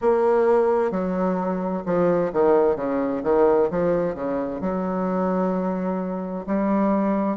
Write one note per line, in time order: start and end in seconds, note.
0.01 0.91 A#3
0.91 1.83 F#3
1.85 2.31 F3
2.32 2.76 D#3
2.76 3.22 C#3
3.23 3.69 D#3
3.70 4.15 F3
4.15 4.61 C#3
4.61 6.45 F#3
6.46 7.37 G3